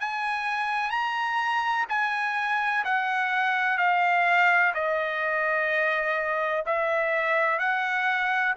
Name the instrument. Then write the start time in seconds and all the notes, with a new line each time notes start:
trumpet
0.00 G#5
0.90 A#5
1.89 G#5
2.84 F#5
3.77 F5
4.74 D#5
6.66 E5
7.59 F#5